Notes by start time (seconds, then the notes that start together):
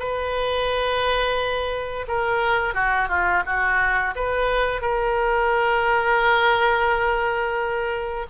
0.00 B4
2.08 A#4
2.75 F#4
3.09 F4
3.46 F#4
4.16 B4
4.82 A#4